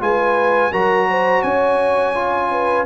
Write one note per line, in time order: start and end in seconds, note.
0.00 0.72 G#3
0.00 0.71 F4
0.00 0.72 B4
0.00 0.73 G#5
0.72 1.43 F#3
0.72 2.15 F#4
0.72 1.07 A#4
0.72 1.42 A#5
1.10 1.43 C5
1.42 2.86 C#4
1.42 2.50 C#5
1.42 2.85 G#5
2.15 2.86 F4
2.51 2.86 B4